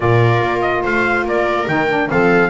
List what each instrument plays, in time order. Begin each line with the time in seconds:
0.00 double bass A#2, saxophone F4, viola A#4, trumpet D5
0.41 double bass A#3
0.61 trumpet D#5
0.82 double bass A3, viola C5, trumpet F5
1.24 double bass A#3, viola A#4, trumpet D5
1.67 double bass D#3, saxophone D#4, trumpet G5
1.89 saxophone D4
2.10 double bass F3, saxophone C4, viola A4, trumpet F5